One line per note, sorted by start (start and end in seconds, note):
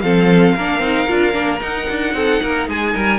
0.00 0.55 F3
0.00 0.56 C4
0.00 0.55 A4
0.00 1.59 F5
0.55 0.79 A#3
0.55 0.81 D4
0.55 2.14 A#4
0.79 1.06 C4
0.79 1.07 D#4
1.07 1.34 D4
1.07 1.32 F4
1.32 1.60 A#3
1.32 1.59 D4
1.60 3.19 D#4
1.60 1.88 D#4
1.60 2.68 F#5
1.89 2.13 D4
2.13 2.40 C4
2.13 2.42 A4
2.42 2.68 A#3
2.42 2.69 A#4
2.68 2.94 G#3
2.68 2.94 G#4
2.68 3.19 G#5
2.94 3.19 G3
2.94 3.19 A#4